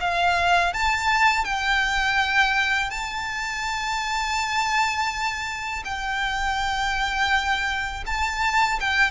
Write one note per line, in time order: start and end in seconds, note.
0.00 0.73 F5
0.74 1.44 A5
1.44 2.90 G5
2.90 5.83 A5
5.85 8.04 G5
8.06 8.79 A5
8.80 9.11 G5